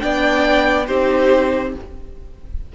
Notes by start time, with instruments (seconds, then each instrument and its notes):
0.00 cello B3, viola D4, violin D5 G5
0.87 cello C4, viola D#4, violin G4 C5